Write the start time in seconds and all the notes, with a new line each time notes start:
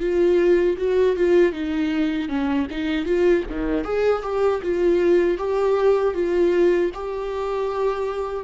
0.00 F4
0.78 F#4
1.16 F4
1.52 D#4
2.29 C#4
2.71 D#4
3.05 F4
3.50 D#3
3.84 G#4
4.23 G4
4.62 F4
5.38 G4
6.14 F4
6.94 G4